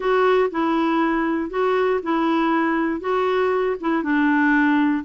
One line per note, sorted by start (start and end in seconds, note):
0.00 0.50 F#4
0.50 1.50 E4
1.50 2.00 F#4
2.02 3.00 E4
3.00 3.76 F#4
3.80 4.03 E4
4.03 5.04 D4